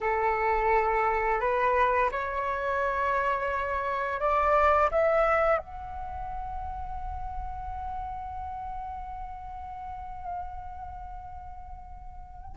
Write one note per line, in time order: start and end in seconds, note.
0.00 1.40 A4
1.40 2.10 B4
2.11 4.20 C#5
4.20 4.89 D5
4.91 5.58 E5
5.58 12.55 F#5